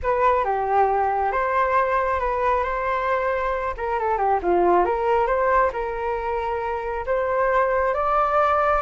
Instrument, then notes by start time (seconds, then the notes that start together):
flute
0.02 B4
0.44 G4
1.32 C5
2.19 B4
2.63 C5
3.77 A#4
3.99 A4
4.17 G4
4.42 F4
4.85 A#4
5.26 C5
5.72 A#4
7.06 C5
7.94 D5